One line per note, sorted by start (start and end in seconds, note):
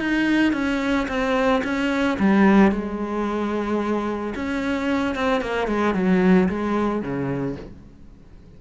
0.00 0.53 D#4
0.53 1.07 C#4
1.08 1.62 C4
1.64 2.18 C#4
2.20 2.72 G3
2.72 4.34 G#3
4.36 5.16 C#4
5.16 5.42 C4
5.42 5.68 A#3
5.68 5.95 G#3
5.95 6.49 F#3
6.49 7.02 G#3
7.02 7.57 C#3